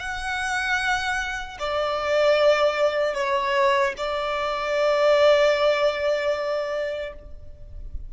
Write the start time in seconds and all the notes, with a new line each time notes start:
0.00 F#5
1.60 D5
3.15 C#5
3.97 D5